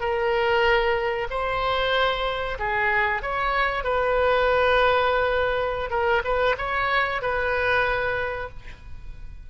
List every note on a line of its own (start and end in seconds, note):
0.00 1.28 A#4
1.30 2.58 C5
2.59 3.22 G#4
3.22 3.84 C#5
3.84 5.90 B4
5.90 6.22 A#4
6.24 6.56 B4
6.58 7.22 C#5
7.22 8.50 B4